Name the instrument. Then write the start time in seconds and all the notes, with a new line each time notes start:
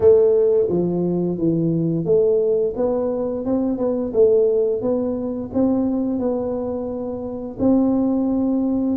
tuba
0.00 A3
0.69 F3
1.38 E3
2.05 A3
2.76 B3
3.45 C4
3.77 B3
4.13 A3
4.81 B3
5.53 C4
6.19 B3
7.59 C4